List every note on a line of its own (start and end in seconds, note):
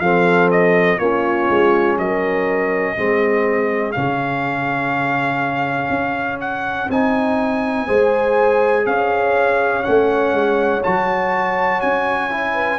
0.00 0.98 F3
0.00 1.00 C4
0.00 1.00 A4
0.00 0.49 F5
0.51 0.99 D#5
0.99 1.48 A#3
0.99 2.97 C#4
0.99 1.99 F4
0.99 1.97 C#5
1.50 1.99 G#3
1.99 2.97 F#3
1.99 2.95 A#4
1.99 3.92 D#5
2.95 3.95 G#3
2.95 3.95 C4
2.95 7.86 G#4
3.92 5.90 C#3
3.92 6.90 C#4
3.92 6.38 F5
5.90 6.88 C#4
6.41 6.90 F#5
6.90 7.88 C4
6.90 7.88 D#4
6.90 8.86 G#5
7.86 8.86 G#3
7.86 9.83 G#4
7.86 8.85 C5
8.86 9.85 C#4
8.86 12.55 C#5
8.86 9.83 F5
9.83 10.33 A3
9.83 10.82 C#4
9.83 10.82 F#5
10.33 10.82 G#3
10.84 11.83 F#3
10.84 12.30 F#4
10.84 11.81 A5
11.81 12.80 C#4
11.81 12.80 G#5
12.30 12.80 E4
12.55 12.79 B4